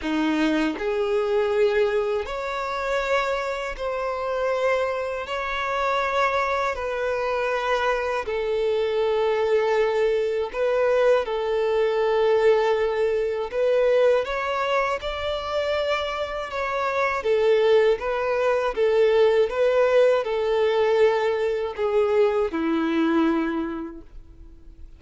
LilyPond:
\new Staff \with { instrumentName = "violin" } { \time 4/4 \tempo 4 = 80 dis'4 gis'2 cis''4~ | cis''4 c''2 cis''4~ | cis''4 b'2 a'4~ | a'2 b'4 a'4~ |
a'2 b'4 cis''4 | d''2 cis''4 a'4 | b'4 a'4 b'4 a'4~ | a'4 gis'4 e'2 | }